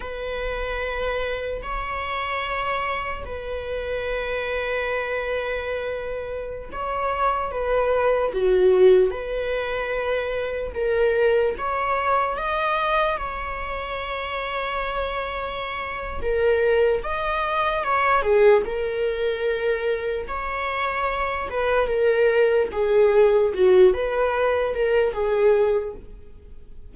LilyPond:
\new Staff \with { instrumentName = "viola" } { \time 4/4 \tempo 4 = 74 b'2 cis''2 | b'1~ | b'16 cis''4 b'4 fis'4 b'8.~ | b'4~ b'16 ais'4 cis''4 dis''8.~ |
dis''16 cis''2.~ cis''8. | ais'4 dis''4 cis''8 gis'8 ais'4~ | ais'4 cis''4. b'8 ais'4 | gis'4 fis'8 b'4 ais'8 gis'4 | }